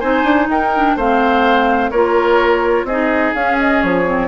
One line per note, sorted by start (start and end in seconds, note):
0.00 0.24 C4
0.00 0.73 D#4
0.00 0.48 C5
0.00 0.48 G#5
0.24 0.47 D4
0.49 0.96 D#4
0.49 0.96 A#4
0.49 0.98 G5
0.75 0.99 D4
0.96 1.92 A3
0.96 1.94 C4
0.96 1.91 C5
0.96 1.91 F5
1.91 2.84 A#3
1.91 2.89 F4
1.91 2.86 A#4
1.91 2.86 C#5
2.84 3.31 C4
2.84 3.36 D#4
2.84 4.27 G#4
2.84 3.34 D#5
3.34 3.83 C#4
3.34 4.05 C#4
3.34 3.58 F5
3.59 3.82 D#5
3.82 4.27 F3
3.82 4.27 C#5
4.05 4.27 C4